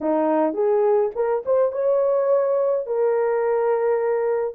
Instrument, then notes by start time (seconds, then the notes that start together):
horn
0.00 D#4
0.53 G#4
1.15 A#4
1.45 C5
1.71 C#5
2.86 A#4